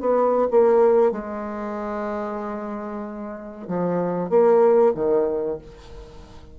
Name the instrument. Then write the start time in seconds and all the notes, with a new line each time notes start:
bassoon
0.00 B3
0.51 A#3
1.12 G#3
3.68 F3
4.30 A#3
4.95 D#3